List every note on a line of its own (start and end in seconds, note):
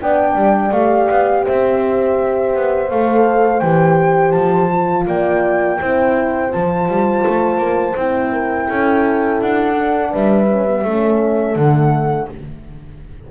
0.00 0.34 B3
0.00 0.72 D4
0.00 1.44 D5
0.00 0.72 G5
0.34 0.70 G3
0.71 1.08 A3
0.71 2.89 G4
0.71 1.44 F5
1.10 1.46 B3
1.44 2.55 C4
1.44 5.06 C5
1.44 2.89 E5
2.55 2.91 B3
2.89 3.61 A3
2.89 3.62 A4
2.89 3.59 F5
3.59 4.33 E3
3.59 4.70 G4
3.59 4.31 G5
4.31 5.06 F3
4.31 5.03 A5
4.72 5.80 F4
5.06 5.79 A#3
5.06 5.79 D5
5.06 6.52 G5
5.80 6.53 C4
5.80 6.49 E4
5.80 8.31 C5
6.49 6.88 F3
6.49 7.94 F4
6.49 7.96 A5
6.88 7.24 G3
7.27 7.57 A3
7.57 7.93 A#3
7.96 8.68 C4
7.96 9.75 E4
7.96 9.41 G5
8.31 8.68 A#4
8.68 9.41 C#4
8.68 10.10 A4
9.41 10.13 D4
9.41 10.13 F#5
9.75 10.47 D4
10.10 10.84 G3
10.10 10.82 B4
10.10 11.57 E5
10.48 10.67 C#4
10.67 10.85 B3
10.83 11.55 A3
10.83 11.58 C#4
10.83 12.28 A4
11.55 12.28 D3
11.55 12.30 A3
11.55 12.29 F#5